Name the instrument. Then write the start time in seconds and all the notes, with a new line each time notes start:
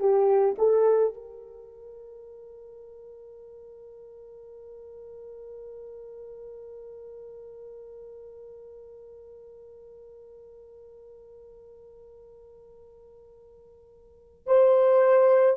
horn
0.00 G4
0.58 A4
1.14 A#4
14.46 C5